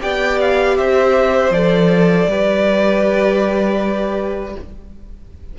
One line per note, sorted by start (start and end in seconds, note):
0.00 0.78 B3
0.00 1.52 G4
0.00 0.78 D5
0.00 0.39 G5
0.41 0.77 F5
0.77 1.50 C4
0.77 2.30 C5
0.77 1.52 E5
1.50 2.26 F3
1.50 2.30 A4
1.50 4.56 D5
2.27 4.55 G3
2.27 4.59 G4
2.27 4.58 B4